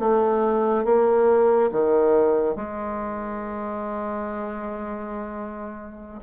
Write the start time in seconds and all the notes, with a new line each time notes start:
0.00 A3
0.85 A#3
1.72 D#3
2.56 G#3